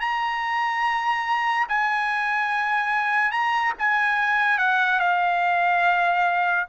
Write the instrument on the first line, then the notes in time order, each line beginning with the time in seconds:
trumpet
0.00 A#5
1.69 G#5
3.31 A#5
3.78 G#5
4.58 F#5
4.99 F5